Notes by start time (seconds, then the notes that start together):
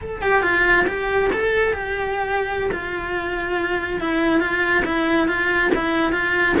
0.01 A4
0.22 G4
0.42 F4
0.87 G4
1.32 A4
1.73 G4
2.72 F4
4.00 E4
4.40 F4
4.85 E4
5.28 F4
5.74 E4
6.12 F4